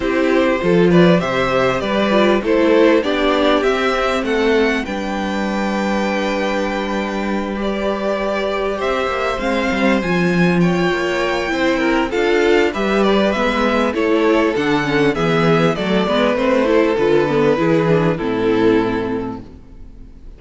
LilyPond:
<<
  \new Staff \with { instrumentName = "violin" } { \time 4/4 \tempo 4 = 99 c''4. d''8 e''4 d''4 | c''4 d''4 e''4 fis''4 | g''1~ | g''8 d''2 e''4 f''8~ |
f''8 gis''4 g''2~ g''8 | f''4 e''8 d''8 e''4 cis''4 | fis''4 e''4 d''4 c''4 | b'2 a'2 | }
  \new Staff \with { instrumentName = "violin" } { \time 4/4 g'4 a'8 b'8 c''4 b'4 | a'4 g'2 a'4 | b'1~ | b'2~ b'8 c''4.~ |
c''4. cis''4. c''8 ais'8 | a'4 b'2 a'4~ | a'4 gis'4 a'8 b'4 a'8~ | a'4 gis'4 e'2 | }
  \new Staff \with { instrumentName = "viola" } { \time 4/4 e'4 f'4 g'4. f'8 | e'4 d'4 c'2 | d'1~ | d'8 g'2. c'8~ |
c'8 f'2~ f'8 e'4 | f'4 g'4 b4 e'4 | d'8 cis'8 b4 a8 b8 c'8 e'8 | f'8 b8 e'8 d'8 c'2 | }
  \new Staff \with { instrumentName = "cello" } { \time 4/4 c'4 f4 c4 g4 | a4 b4 c'4 a4 | g1~ | g2~ g8 c'8 ais8 gis8 |
g8 f4. ais4 c'4 | d'4 g4 gis4 a4 | d4 e4 fis8 gis8 a4 | d4 e4 a,2 | }
>>